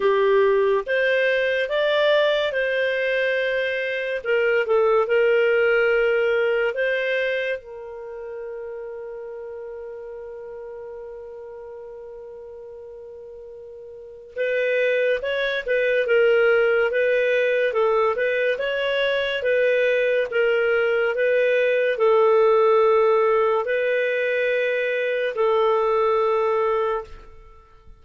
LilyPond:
\new Staff \with { instrumentName = "clarinet" } { \time 4/4 \tempo 4 = 71 g'4 c''4 d''4 c''4~ | c''4 ais'8 a'8 ais'2 | c''4 ais'2.~ | ais'1~ |
ais'4 b'4 cis''8 b'8 ais'4 | b'4 a'8 b'8 cis''4 b'4 | ais'4 b'4 a'2 | b'2 a'2 | }